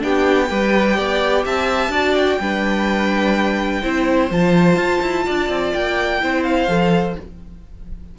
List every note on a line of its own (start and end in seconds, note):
0.00 0.51 B3
0.00 0.48 D4
0.00 0.50 G4
0.00 1.46 G5
0.50 0.98 G3
0.50 1.92 G4
0.50 0.97 B4
0.97 1.46 B3
0.97 1.45 D5
1.45 1.89 C4
1.45 1.92 E5
1.45 2.15 A5
1.89 2.37 D4
1.89 2.39 F#4
1.89 2.40 D5
2.15 4.30 G5
2.40 3.83 G3
2.40 3.83 D4
2.40 3.83 B4
3.83 4.31 C4
3.83 4.31 E4
3.83 5.25 C5
4.31 4.76 F3
4.31 6.21 F4
4.31 5.74 A5
4.76 5.00 F4
5.01 5.25 E4
5.26 5.49 D4
5.26 6.21 D5
5.49 5.73 C4
5.74 6.23 A#3
5.74 6.44 G5
6.21 6.68 C4
6.21 6.68 E4
6.21 7.19 C5
6.44 7.15 F5
6.68 7.16 F3
6.68 7.16 A4